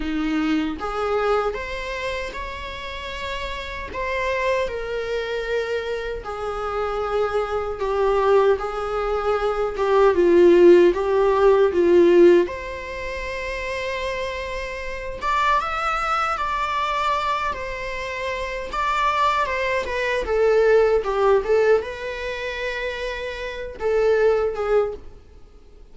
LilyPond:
\new Staff \with { instrumentName = "viola" } { \time 4/4 \tempo 4 = 77 dis'4 gis'4 c''4 cis''4~ | cis''4 c''4 ais'2 | gis'2 g'4 gis'4~ | gis'8 g'8 f'4 g'4 f'4 |
c''2.~ c''8 d''8 | e''4 d''4. c''4. | d''4 c''8 b'8 a'4 g'8 a'8 | b'2~ b'8 a'4 gis'8 | }